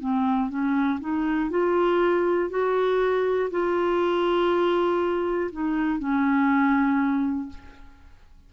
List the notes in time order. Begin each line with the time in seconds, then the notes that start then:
0.00 C4
0.50 C#4
1.00 D#4
1.50 F4
2.50 F#4
3.51 F4
5.52 D#4
6.00 C#4